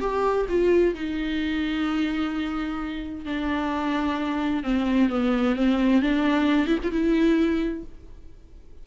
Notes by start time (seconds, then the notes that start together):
0.00 G4
0.49 F4
0.94 D#4
3.25 D4
4.63 C4
5.09 B3
5.56 C4
6.01 D4
6.67 E4
6.83 F4
6.91 E4